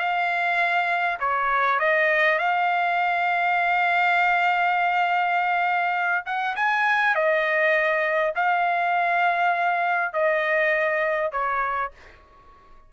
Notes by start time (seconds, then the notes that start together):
0.00 F5
1.20 C#5
1.80 D#5
2.39 F5
6.26 F#5
6.56 G#5
7.16 D#5
8.36 F5
10.14 D#5
11.32 C#5